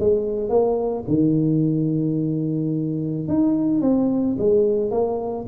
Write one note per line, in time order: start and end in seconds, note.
0.00 0.50 G#3
0.50 1.05 A#3
1.08 3.29 D#3
3.29 3.82 D#4
3.82 4.37 C4
4.39 4.91 G#3
4.91 5.46 A#3